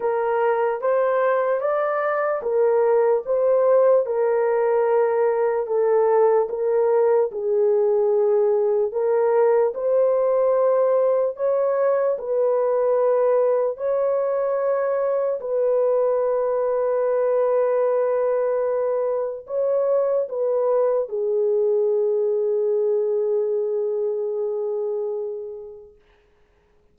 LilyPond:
\new Staff \with { instrumentName = "horn" } { \time 4/4 \tempo 4 = 74 ais'4 c''4 d''4 ais'4 | c''4 ais'2 a'4 | ais'4 gis'2 ais'4 | c''2 cis''4 b'4~ |
b'4 cis''2 b'4~ | b'1 | cis''4 b'4 gis'2~ | gis'1 | }